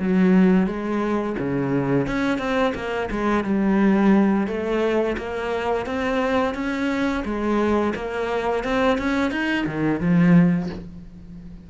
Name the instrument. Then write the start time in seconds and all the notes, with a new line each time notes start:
cello
0.00 F#3
0.67 G#3
1.39 C#3
2.07 C#4
2.39 C4
2.75 A#3
3.11 G#3
3.44 G3
4.48 A3
5.18 A#3
5.86 C4
6.55 C#4
7.25 G#3
7.95 A#3
8.64 C4
8.98 C#4
9.32 D#4
9.67 D#3
10.01 F3